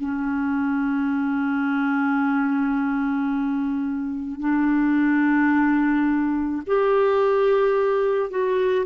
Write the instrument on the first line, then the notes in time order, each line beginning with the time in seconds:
clarinet
0.00 C#4
4.40 D4
6.67 G4
8.31 F#4